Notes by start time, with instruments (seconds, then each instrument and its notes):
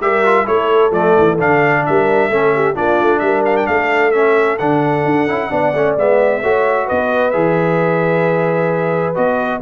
0.00 tuba G3, trombone G4, horn A#4, trumpet E5
0.25 trombone F4
0.45 tuba A3, trombone E4, horn A4, trumpet C#5
0.91 tuba F3, trombone A3, trumpet D5
1.18 tuba E3
1.39 tuba D3, trombone D4, trumpet F5
1.85 tuba G3, horn A#4, trumpet E5
2.29 tuba A3, trombone C#4, horn A4
2.55 horn G4
2.74 tuba A#3, trombone D4, horn F4, trumpet D5
3.01 tuba A3
3.19 tuba G3, horn A#4, trumpet E5
3.45 trumpet F5
3.56 trumpet G5
3.67 tuba A3, horn A4, trumpet F5
4.11 trombone C#4, trumpet E5
4.58 tuba D3, trombone D4, trumpet F#5
5.05 tuba D4
5.27 tuba C#4, trombone E4
5.50 tuba B3, trombone D4, horn D5
5.74 tuba A3, trombone C#4
5.97 tuba G#3, trombone B3, trumpet E5
6.42 tuba A3, trombone F#4, horn C#5
6.86 tuba B3, horn B4, trumpet D#5
7.31 tuba E3, trombone G#4, trumpet E5
9.15 tuba B3, trombone F#4, trumpet D#5